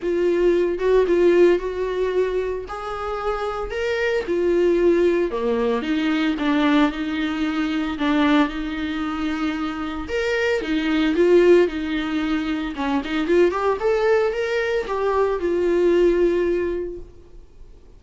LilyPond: \new Staff \with { instrumentName = "viola" } { \time 4/4 \tempo 4 = 113 f'4. fis'8 f'4 fis'4~ | fis'4 gis'2 ais'4 | f'2 ais4 dis'4 | d'4 dis'2 d'4 |
dis'2. ais'4 | dis'4 f'4 dis'2 | cis'8 dis'8 f'8 g'8 a'4 ais'4 | g'4 f'2. | }